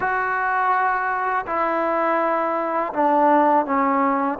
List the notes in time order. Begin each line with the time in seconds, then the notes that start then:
0.00 F#4
1.46 E4
2.93 D4
3.66 C#4